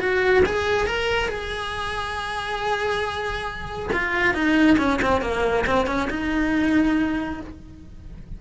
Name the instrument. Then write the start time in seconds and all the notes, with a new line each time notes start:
cello
0.00 F#4
0.46 G#4
0.87 A#4
1.29 G#4
3.93 F4
4.34 D#4
4.78 C#4
5.02 C4
5.22 A#3
5.67 C4
5.87 C#4
6.10 D#4